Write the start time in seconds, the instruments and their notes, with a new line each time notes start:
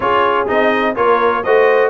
0.00 tuba C#4, trombone F4, horn G#4, trumpet C#5
0.47 tuba C4, trombone D#4, trumpet D#5
0.95 tuba A#3, trombone F4, horn A#4, trumpet C#5
1.43 tuba A3, trombone F#4, horn C5, trumpet D#5